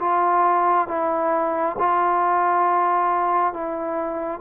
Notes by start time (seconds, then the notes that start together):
0.00 F4
0.88 E4
1.79 F4
3.54 E4